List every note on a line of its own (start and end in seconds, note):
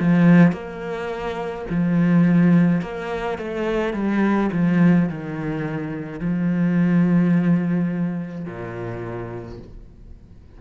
0.00 0.52 F3
0.52 1.66 A#3
1.70 2.81 F3
2.81 3.38 A#3
3.38 3.94 A3
3.94 4.50 G3
4.52 5.09 F3
5.09 6.20 D#3
6.20 8.45 F3
8.45 9.59 A#2